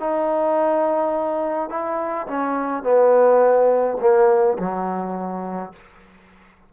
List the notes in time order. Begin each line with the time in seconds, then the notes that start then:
0.00 D#4
1.70 E4
2.27 C#4
2.83 B3
4.01 A#3
4.58 F#3